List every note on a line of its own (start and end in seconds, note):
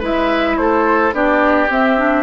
0.00 0.57 G#3
0.00 1.13 E4
0.00 0.56 B4
0.00 0.57 E5
0.57 1.12 A3
0.57 1.15 A4
0.57 1.13 C5
1.12 1.68 B3
1.12 1.68 D4
1.12 2.23 G4
1.12 1.70 D5
1.70 2.23 C4
1.70 1.97 C4
1.70 2.23 E5
1.97 2.23 D4